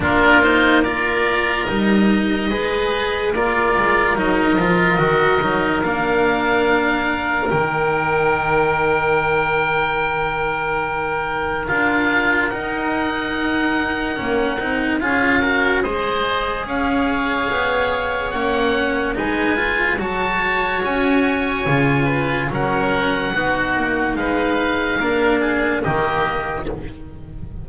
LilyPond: <<
  \new Staff \with { instrumentName = "oboe" } { \time 4/4 \tempo 4 = 72 ais'8 c''8 d''4 dis''2 | d''4 dis''2 f''4~ | f''4 g''2.~ | g''2 f''4 fis''4~ |
fis''2 f''4 dis''4 | f''2 fis''4 gis''4 | a''4 gis''2 fis''4~ | fis''4 f''2 dis''4 | }
  \new Staff \with { instrumentName = "oboe" } { \time 4/4 f'4 ais'2 b'4 | ais'1~ | ais'1~ | ais'1~ |
ais'2 gis'8 ais'8 c''4 | cis''2. b'4 | cis''2~ cis''8 b'8 ais'4 | fis'4 b'4 ais'8 gis'8 g'4 | }
  \new Staff \with { instrumentName = "cello" } { \time 4/4 d'8 dis'8 f'4 dis'4 gis'4 | f'4 dis'8 f'8 fis'8 dis'8 d'4~ | d'4 dis'2.~ | dis'2 f'4 dis'4~ |
dis'4 cis'8 dis'8 f'8 fis'8 gis'4~ | gis'2 cis'4 dis'8 f'8 | fis'2 f'4 cis'4 | dis'2 d'4 ais4 | }
  \new Staff \with { instrumentName = "double bass" } { \time 4/4 ais2 g4 gis4 | ais8 gis8 fis8 f8 dis8 fis8 ais4~ | ais4 dis2.~ | dis2 d'4 dis'4~ |
dis'4 ais8 c'8 cis'4 gis4 | cis'4 b4 ais4 gis4 | fis4 cis'4 cis4 fis4 | b8 ais8 gis4 ais4 dis4 | }
>>